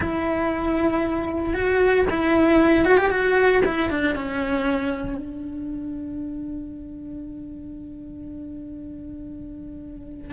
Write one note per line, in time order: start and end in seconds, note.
0.00 1.54 E4
1.54 2.05 F#4
2.09 2.84 E4
2.84 2.97 F#4
2.97 3.10 G4
3.10 3.61 F#4
3.64 3.90 E4
3.90 4.15 D4
4.15 5.17 C#4
5.17 10.33 D4